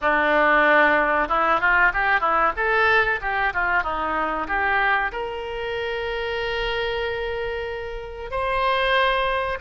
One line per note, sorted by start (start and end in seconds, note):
0.01 1.28 D4
1.28 1.60 E4
1.60 1.92 F4
1.93 2.20 G4
2.20 2.52 E4
2.56 3.20 A4
3.21 3.53 G4
3.53 3.83 F4
3.83 4.47 D#4
4.47 5.11 G4
5.12 8.30 A#4
8.30 9.58 C5